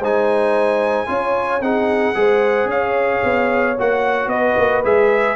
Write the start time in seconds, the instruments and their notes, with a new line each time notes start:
0.00 tuba G#3, trombone D#4, horn C5, trumpet G#5
1.07 tuba C#4, trombone F4, horn C#5
1.61 tuba C4, trombone D#4, horn G#4, trumpet F#5
2.15 tuba G#3, trombone G#4, horn C5
2.65 tuba C#4, horn C#5, trumpet F5
3.24 tuba B3
3.79 tuba A#3, trombone F#4, trumpet F#5
4.27 tuba B3, horn B4, trumpet D#5
4.57 tuba A#3
4.84 tuba G#3, trombone G#4, trumpet E5